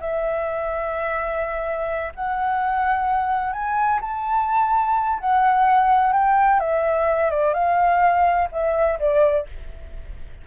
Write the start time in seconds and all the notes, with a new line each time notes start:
0.00 E5
2.15 F#5
3.52 G#5
4.01 A5
5.19 F#5
6.12 G5
6.59 E5
7.30 D5
7.54 F5
8.51 E5
8.99 D5